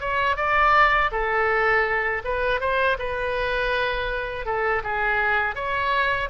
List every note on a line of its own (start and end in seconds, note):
0.00 0.37 C#5
0.37 1.11 D5
1.11 2.23 A4
2.25 2.60 B4
2.60 2.97 C5
2.99 4.45 B4
4.45 4.82 A4
4.84 5.55 G#4
5.55 6.29 C#5